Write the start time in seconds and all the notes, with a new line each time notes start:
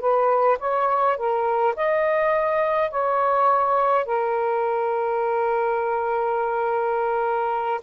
0.00 B4
0.59 C#5
1.17 A#4
1.76 D#5
2.91 C#5
4.06 A#4